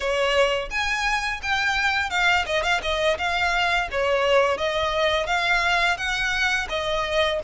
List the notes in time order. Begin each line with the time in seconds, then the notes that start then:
0.00 C#5
0.70 G#5
1.42 G5
2.10 F5
2.45 D#5
2.63 F5
2.82 D#5
3.18 F5
3.91 C#5
4.57 D#5
5.26 F5
5.97 F#5
6.69 D#5